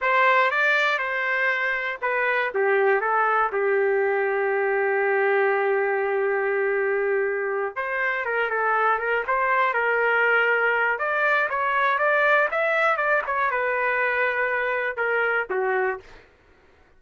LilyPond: \new Staff \with { instrumentName = "trumpet" } { \time 4/4 \tempo 4 = 120 c''4 d''4 c''2 | b'4 g'4 a'4 g'4~ | g'1~ | g'2.~ g'8 c''8~ |
c''8 ais'8 a'4 ais'8 c''4 ais'8~ | ais'2 d''4 cis''4 | d''4 e''4 d''8 cis''8 b'4~ | b'2 ais'4 fis'4 | }